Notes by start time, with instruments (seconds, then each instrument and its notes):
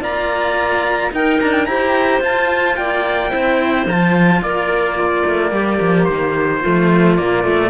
0.00 cello A#3 F4, clarinet D5, trumpet A#5
1.11 cello D#4, clarinet A#4, trumpet G5
1.40 cello D4, trumpet A#5
1.52 trumpet G5
1.65 cello E4 G4, clarinet C5, trumpet A#5
2.21 cello F4, trumpet A5
2.76 cello A#3, clarinet D5, trumpet G5
3.30 cello C4 E4, clarinet C5
3.86 cello F3 F4, trumpet A5
4.41 cello A#3, clarinet A#4, trumpet D5
4.95 cello A#3, clarinet F4
5.25 cello A3
5.51 cello G3, clarinet G4
5.81 cello F3
6.04 cello D#3, trumpet C5
6.61 cello F3 A3, clarinet F4
7.17 cello A#2 A#3, trumpet D5
7.43 cello A3